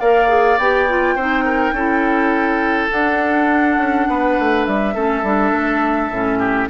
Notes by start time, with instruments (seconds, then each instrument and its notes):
0.00 bassoon A#3, clarinet A#4, oboe D5, flute F5
0.29 clarinet G#4
0.58 bassoon B3, clarinet G4, flute G5
0.89 clarinet F4
1.16 bassoon C4, clarinet D#4, oboe C5
1.45 oboe A#4
1.72 bassoon C#4, clarinet E4, oboe A4
2.91 clarinet D4, bassoon D4, flute F#5
3.77 bassoon C#4
4.09 bassoon B3, oboe B4
4.39 bassoon A3
4.66 bassoon G3, flute E5
4.95 bassoon A3, clarinet C#4, oboe A4
5.23 bassoon G3, clarinet D4
5.52 bassoon A3
6.11 bassoon A2, clarinet C#4
6.39 oboe G4